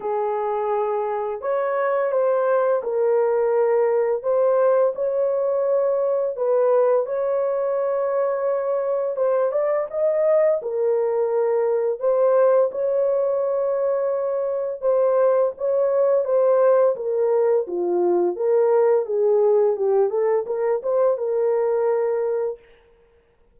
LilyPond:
\new Staff \with { instrumentName = "horn" } { \time 4/4 \tempo 4 = 85 gis'2 cis''4 c''4 | ais'2 c''4 cis''4~ | cis''4 b'4 cis''2~ | cis''4 c''8 d''8 dis''4 ais'4~ |
ais'4 c''4 cis''2~ | cis''4 c''4 cis''4 c''4 | ais'4 f'4 ais'4 gis'4 | g'8 a'8 ais'8 c''8 ais'2 | }